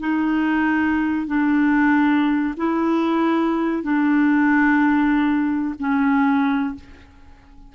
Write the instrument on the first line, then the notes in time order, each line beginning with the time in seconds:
clarinet
0.00 D#4
1.27 D4
2.57 E4
3.83 D4
5.79 C#4